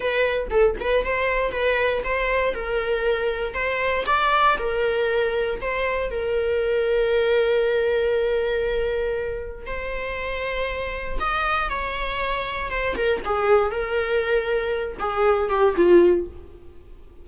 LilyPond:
\new Staff \with { instrumentName = "viola" } { \time 4/4 \tempo 4 = 118 b'4 a'8 b'8 c''4 b'4 | c''4 ais'2 c''4 | d''4 ais'2 c''4 | ais'1~ |
ais'2. c''4~ | c''2 dis''4 cis''4~ | cis''4 c''8 ais'8 gis'4 ais'4~ | ais'4. gis'4 g'8 f'4 | }